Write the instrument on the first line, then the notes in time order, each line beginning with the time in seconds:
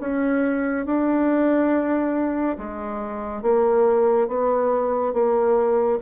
bassoon
0.00 C#4
0.86 D4
2.58 G#3
3.42 A#3
4.28 B3
5.14 A#3